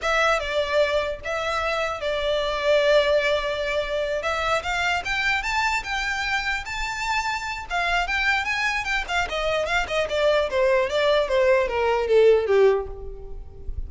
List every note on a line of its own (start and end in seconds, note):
0.02 0.39 E5
0.39 1.20 D5
1.24 2.00 E5
2.00 4.22 D5
4.22 4.62 E5
4.62 5.02 F5
5.04 5.43 G5
5.43 5.83 A5
5.83 6.64 G5
6.65 7.65 A5
7.70 8.07 F5
8.07 8.44 G5
8.44 8.84 G#5
8.84 9.04 G5
9.07 9.28 F5
9.29 9.66 D#5
9.66 9.86 F5
9.87 10.07 D#5
10.09 10.49 D5
10.50 10.89 C5
10.89 11.28 D5
11.28 11.68 C5
11.68 12.07 A#4
12.07 12.46 A4
12.46 12.86 G4